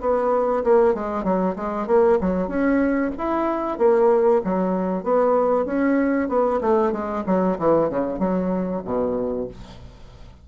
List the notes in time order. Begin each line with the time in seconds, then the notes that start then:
0.00 B3
0.63 A#3
0.94 G#3
1.24 F#3
1.56 G#3
1.87 A#3
2.20 F#3
2.47 C#4
3.18 E4
3.78 A#3
4.44 F#3
5.03 B3
5.65 C#4
6.28 B3
6.61 A3
6.92 G#3
7.26 F#3
7.58 E3
7.89 C#3
8.19 F#3
8.84 B2